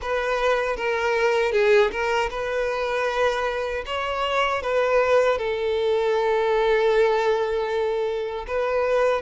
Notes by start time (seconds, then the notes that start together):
0.01 B4
0.76 A#4
1.52 G#4
1.91 A#4
2.30 B4
3.85 C#5
4.62 B4
5.38 A4
8.47 B4